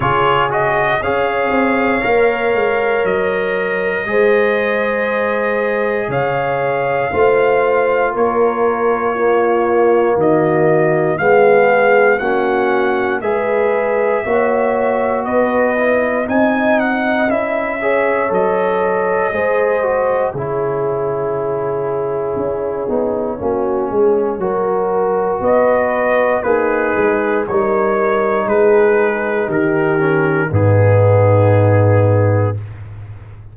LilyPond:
<<
  \new Staff \with { instrumentName = "trumpet" } { \time 4/4 \tempo 4 = 59 cis''8 dis''8 f''2 dis''4~ | dis''2 f''2 | cis''2 dis''4 f''4 | fis''4 e''2 dis''4 |
gis''8 fis''8 e''4 dis''2 | cis''1~ | cis''4 dis''4 b'4 cis''4 | b'4 ais'4 gis'2 | }
  \new Staff \with { instrumentName = "horn" } { \time 4/4 gis'4 cis''2. | c''2 cis''4 c''4 | ais'4 f'4 fis'4 gis'4 | fis'4 b'4 cis''4 b'4 |
dis''4. cis''4. c''4 | gis'2. fis'8 gis'8 | ais'4 b'4 dis'4 ais'4 | gis'4 g'4 dis'2 | }
  \new Staff \with { instrumentName = "trombone" } { \time 4/4 f'8 fis'8 gis'4 ais'2 | gis'2. f'4~ | f'4 ais2 b4 | cis'4 gis'4 fis'4. e'8 |
dis'4 e'8 gis'8 a'4 gis'8 fis'8 | e'2~ e'8 dis'8 cis'4 | fis'2 gis'4 dis'4~ | dis'4. cis'8 b2 | }
  \new Staff \with { instrumentName = "tuba" } { \time 4/4 cis4 cis'8 c'8 ais8 gis8 fis4 | gis2 cis4 a4 | ais2 dis4 gis4 | ais4 gis4 ais4 b4 |
c'4 cis'4 fis4 gis4 | cis2 cis'8 b8 ais8 gis8 | fis4 b4 ais8 gis8 g4 | gis4 dis4 gis,2 | }
>>